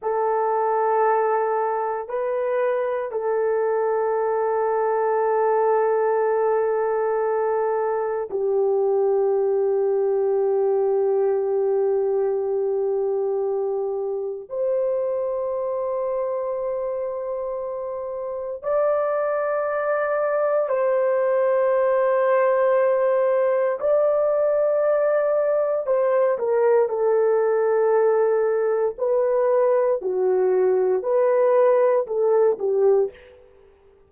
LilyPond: \new Staff \with { instrumentName = "horn" } { \time 4/4 \tempo 4 = 58 a'2 b'4 a'4~ | a'1 | g'1~ | g'2 c''2~ |
c''2 d''2 | c''2. d''4~ | d''4 c''8 ais'8 a'2 | b'4 fis'4 b'4 a'8 g'8 | }